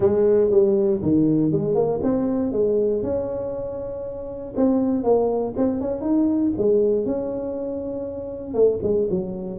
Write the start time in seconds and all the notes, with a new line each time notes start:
0.00 G#3
0.50 G3
1.02 D#3
1.51 G#3
1.75 A#3
2.03 C4
2.52 G#3
3.03 C#4
4.56 C4
5.03 A#3
5.56 C4
5.81 C#4
6.01 D#4
6.57 G#3
7.05 C#4
8.53 A3
8.83 G#3
9.10 F#3